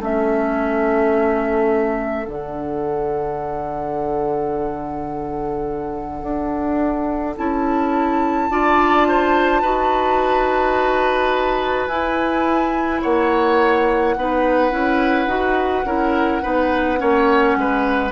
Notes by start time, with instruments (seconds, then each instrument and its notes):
0.00 bassoon A3, clarinet C#4, oboe A4, flute E5
2.26 bassoon D3, clarinet D4, flute F#5
6.23 bassoon D4
7.37 bassoon C#4, clarinet E4, flute A5
8.50 bassoon D4, clarinet F4, oboe D5
9.08 oboe C5
9.62 bassoon D#4, clarinet F#4, oboe B4
11.88 bassoon E4, clarinet E4, flute G#5
13.02 bassoon A#3, oboe C#5, flute F#5
14.17 bassoon B3, clarinet D#4, oboe B4
14.71 bassoon C#4, clarinet E4
15.27 bassoon D#4, clarinet F#4
15.85 bassoon C#4, clarinet E4, oboe A#4
16.42 bassoon B3, clarinet D#4, oboe B4
16.97 bassoon A#3, clarinet C#4, oboe C#5
17.56 bassoon G#3, oboe B4